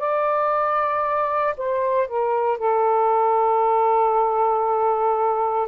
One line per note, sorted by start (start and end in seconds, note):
0.00 1.55 D5
1.58 2.08 C5
2.08 2.59 A#4
2.59 5.68 A4